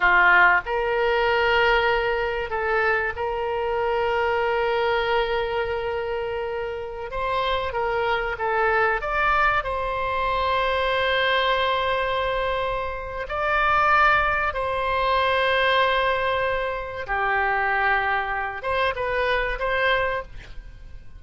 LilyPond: \new Staff \with { instrumentName = "oboe" } { \time 4/4 \tempo 4 = 95 f'4 ais'2. | a'4 ais'2.~ | ais'2.~ ais'16 c''8.~ | c''16 ais'4 a'4 d''4 c''8.~ |
c''1~ | c''4 d''2 c''4~ | c''2. g'4~ | g'4. c''8 b'4 c''4 | }